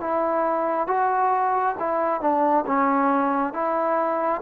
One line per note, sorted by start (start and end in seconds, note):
0.00 0.87 E4
0.87 1.76 F#4
1.79 2.21 E4
2.21 2.65 D4
2.67 3.53 C#4
3.53 4.42 E4